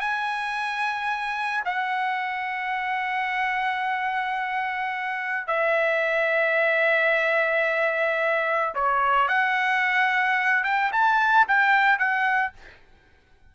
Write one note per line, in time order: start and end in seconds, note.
0.00 1.64 G#5
1.65 5.47 F#5
5.47 8.74 E5
8.74 9.28 C#5
9.28 10.64 F#5
10.64 10.91 G5
10.92 11.47 A5
11.47 11.98 G5
11.98 12.53 F#5